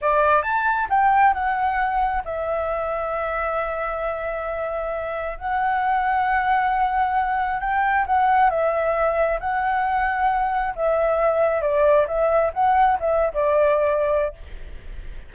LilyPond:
\new Staff \with { instrumentName = "flute" } { \time 4/4 \tempo 4 = 134 d''4 a''4 g''4 fis''4~ | fis''4 e''2.~ | e''1 | fis''1~ |
fis''4 g''4 fis''4 e''4~ | e''4 fis''2. | e''2 d''4 e''4 | fis''4 e''8. d''2~ d''16 | }